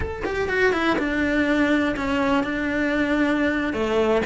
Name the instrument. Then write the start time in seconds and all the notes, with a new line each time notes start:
cello
0.00 A4
0.25 G4
0.48 F#4
0.73 E4
0.98 D4
1.96 C#4
2.43 D4
3.73 A3